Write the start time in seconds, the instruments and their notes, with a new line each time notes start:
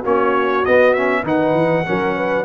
0.00 tuba A#3, trombone C#4, horn F#4, trumpet C#5
0.65 tuba B3, trombone B3, trumpet D#5
0.93 trombone C#4, trumpet E5
1.23 tuba D#3, trombone D#4, horn B4, trumpet F#5
1.54 tuba E3
1.85 tuba F#3, trombone C#4, horn A#4
2.16 horn B4